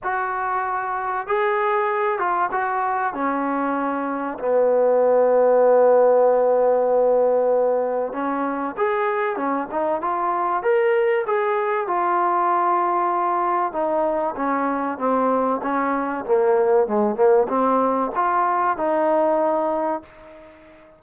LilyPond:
\new Staff \with { instrumentName = "trombone" } { \time 4/4 \tempo 4 = 96 fis'2 gis'4. f'8 | fis'4 cis'2 b4~ | b1~ | b4 cis'4 gis'4 cis'8 dis'8 |
f'4 ais'4 gis'4 f'4~ | f'2 dis'4 cis'4 | c'4 cis'4 ais4 gis8 ais8 | c'4 f'4 dis'2 | }